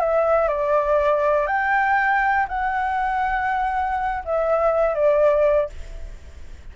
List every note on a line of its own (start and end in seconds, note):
0.00 0.48 E5
0.48 1.47 D5
1.47 2.47 G5
2.49 4.24 F#5
4.25 4.95 E5
4.95 5.70 D5